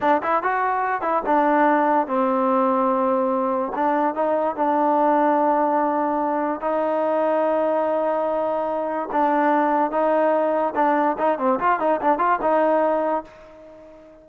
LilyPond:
\new Staff \with { instrumentName = "trombone" } { \time 4/4 \tempo 4 = 145 d'8 e'8 fis'4. e'8 d'4~ | d'4 c'2.~ | c'4 d'4 dis'4 d'4~ | d'1 |
dis'1~ | dis'2 d'2 | dis'2 d'4 dis'8 c'8 | f'8 dis'8 d'8 f'8 dis'2 | }